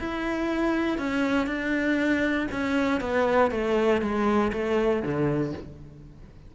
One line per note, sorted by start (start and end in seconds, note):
0.00 0.99 E4
0.99 1.47 C#4
1.47 2.48 D4
2.52 3.01 C#4
3.01 3.51 B3
3.52 4.02 A3
4.02 4.52 G#3
4.53 5.03 A3
5.03 5.53 D3